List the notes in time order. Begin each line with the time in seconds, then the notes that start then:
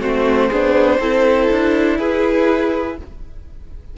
0.00 A3 C4 F#4 C5
0.49 B3 D4 G#4
0.99 C4 E4 A4
1.51 D4
1.98 E4 G#4 B4